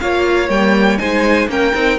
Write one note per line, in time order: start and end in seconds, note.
0.00 0.49 A#3
0.00 0.49 F4
0.00 1.00 C#5
0.00 0.50 F5
0.49 0.99 G3
0.49 0.99 A#3
0.49 0.99 G5
0.99 1.49 G#3
0.99 1.48 D#4
0.99 1.50 C5
0.99 1.48 G#5
1.49 1.73 A#3
1.49 1.74 C#4
1.49 1.99 A#4
1.49 1.99 G5
1.75 1.99 C4
1.75 1.99 D#4